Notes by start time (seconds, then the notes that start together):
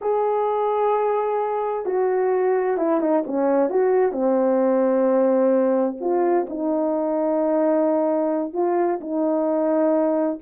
0.01 G#4
1.85 F#4
2.77 E4
3.00 D#4
3.26 C#4
3.69 F#4
4.12 C4
6.00 F4
6.49 D#4
8.53 F4
9.00 D#4